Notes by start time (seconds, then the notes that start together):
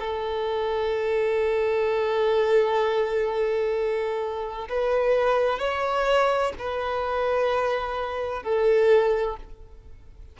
0.00 A4
4.70 B4
5.60 C#5
6.59 B4
8.43 A4